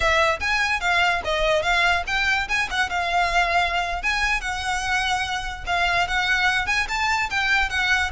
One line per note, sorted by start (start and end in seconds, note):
0.00 0.39 E5
0.39 0.80 G#5
0.80 1.21 F5
1.24 1.62 D#5
1.62 2.03 F5
2.06 2.48 G5
2.48 2.69 G#5
2.70 2.89 F#5
2.89 4.02 F5
4.02 4.41 G#5
4.41 5.64 F#5
5.66 6.07 F5
6.07 6.66 F#5
6.66 6.87 G#5
6.88 7.29 A5
7.30 7.69 G5
7.69 8.11 F#5